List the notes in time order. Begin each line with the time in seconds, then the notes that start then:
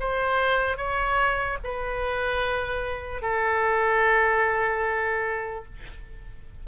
0.00 C5
0.77 C#5
1.64 B4
3.22 A4